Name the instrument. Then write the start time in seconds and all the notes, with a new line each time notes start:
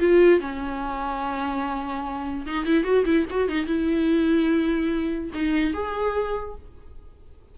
viola
0.00 F4
0.40 C#4
2.46 D#4
2.65 E4
2.84 F#4
3.05 E4
3.30 F#4
3.49 D#4
3.66 E4
5.34 D#4
5.73 G#4